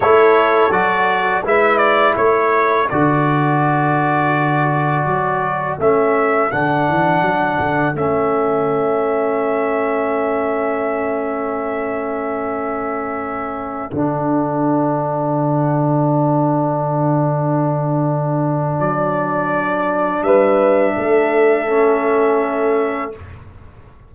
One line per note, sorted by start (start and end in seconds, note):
0.00 0.70 A3
0.00 0.71 E4
0.00 1.43 A4
0.00 0.71 C#5
0.70 1.42 F#3
0.70 1.43 F#4
0.70 1.43 D5
1.42 2.14 G#3
1.42 2.89 E4
1.42 2.16 B4
1.42 1.77 E5
1.77 2.13 D5
2.16 2.88 A3
2.16 20.23 A4
2.16 2.88 C#5
2.89 5.05 D3
2.89 5.80 F#4
2.89 5.78 D5
5.05 5.77 F#3
5.78 6.50 A3
5.78 6.51 C#4
5.78 6.51 E5
6.51 6.89 D3
6.51 7.94 D4
6.51 7.96 F#5
6.89 7.21 E3
7.21 7.57 F#3
7.59 7.94 D3
7.94 13.91 A3
7.94 13.91 C#4
7.94 13.92 E5
13.91 18.80 D3
13.91 21.67 D4
13.91 18.79 F#5
18.79 20.22 F#3
18.79 20.23 D5
20.22 20.94 G3
20.22 20.97 B4
20.22 23.12 E5
20.97 23.15 A3
20.97 23.14 A4
21.67 23.11 C#4